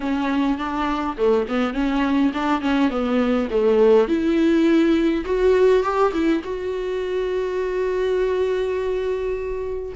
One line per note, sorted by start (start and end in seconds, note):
0.00 0.58 C#4
0.58 1.16 D4
1.17 1.46 A3
1.48 1.73 B3
1.73 2.31 C#4
2.33 2.61 D4
2.61 2.90 C#4
2.90 3.48 B3
3.50 4.08 A3
4.08 5.24 E4
5.25 5.83 F#4
5.83 6.12 G4
6.13 6.42 E4
6.43 9.93 F#4